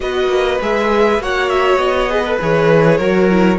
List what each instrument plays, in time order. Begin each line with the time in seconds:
0.00 cello B3, viola F#4, violin B4 D#5
0.28 cello A#3
0.61 cello G#3, viola G#4, violin E5
1.19 cello A#3, viola F#4, violin C#5 F#5
1.49 violin E5
1.77 cello B3, violin D#5
2.09 viola G#4, violin B4
2.26 viola A4
2.40 cello E3, viola G#4, violin C#5
2.97 cello F#3, viola F#4, violin A#4
3.30 viola E4